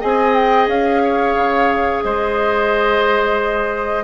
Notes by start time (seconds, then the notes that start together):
0.00 C4 G#4 D#5 G#5
0.34 G5
0.68 C#4 F5
1.04 C#5
1.36 C#3
2.03 G#3 C5 D#5